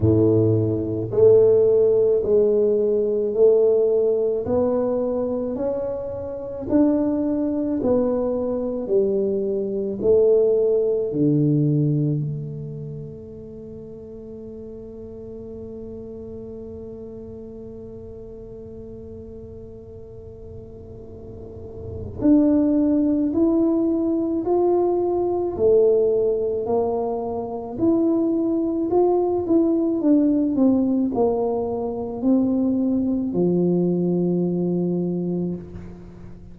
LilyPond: \new Staff \with { instrumentName = "tuba" } { \time 4/4 \tempo 4 = 54 a,4 a4 gis4 a4 | b4 cis'4 d'4 b4 | g4 a4 d4 a4~ | a1~ |
a1 | d'4 e'4 f'4 a4 | ais4 e'4 f'8 e'8 d'8 c'8 | ais4 c'4 f2 | }